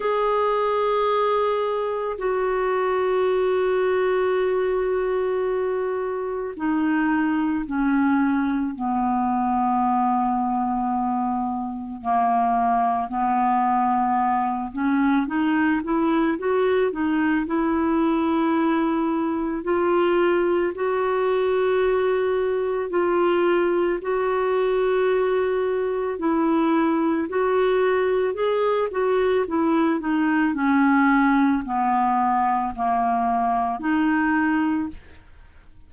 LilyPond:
\new Staff \with { instrumentName = "clarinet" } { \time 4/4 \tempo 4 = 55 gis'2 fis'2~ | fis'2 dis'4 cis'4 | b2. ais4 | b4. cis'8 dis'8 e'8 fis'8 dis'8 |
e'2 f'4 fis'4~ | fis'4 f'4 fis'2 | e'4 fis'4 gis'8 fis'8 e'8 dis'8 | cis'4 b4 ais4 dis'4 | }